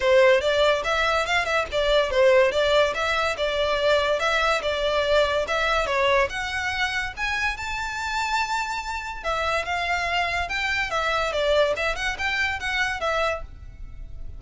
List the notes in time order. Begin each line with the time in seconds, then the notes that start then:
0.00 C5
0.40 D5
0.84 E5
1.26 F5
1.45 E5
1.71 D5
2.10 C5
2.51 D5
2.94 E5
3.37 D5
4.19 E5
4.62 D5
5.47 E5
5.86 C#5
6.29 F#5
7.16 G#5
7.57 A5
9.23 E5
9.65 F5
10.48 G5
10.90 E5
11.32 D5
11.76 E5
11.95 F#5
12.18 G5
12.59 F#5
13.00 E5